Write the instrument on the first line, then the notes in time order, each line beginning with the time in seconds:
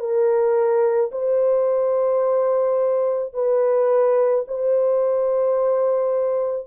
horn
0.00 A#4
1.12 C5
3.34 B4
4.47 C5